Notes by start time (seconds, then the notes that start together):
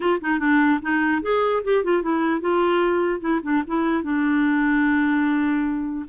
0.00 F4
0.21 D#4
0.39 D4
0.82 D#4
1.22 G#4
1.63 G4
1.84 F4
2.02 E4
2.40 F4
3.20 E4
3.43 D4
3.67 E4
4.03 D4